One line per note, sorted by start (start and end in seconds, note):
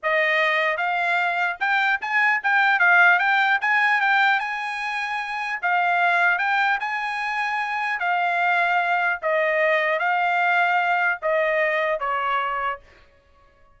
0.02 0.77 D#5
0.77 1.57 F5
1.59 1.99 G5
2.01 2.41 G#5
2.43 2.79 G5
2.79 3.18 F5
3.18 3.58 G5
3.61 4.00 G#5
4.00 4.39 G5
4.39 5.59 G#5
5.62 6.38 F5
6.38 6.78 G5
6.80 7.99 G#5
7.99 9.19 F5
9.21 9.99 D#5
9.99 11.19 F5
11.21 11.99 D#5
11.99 12.79 C#5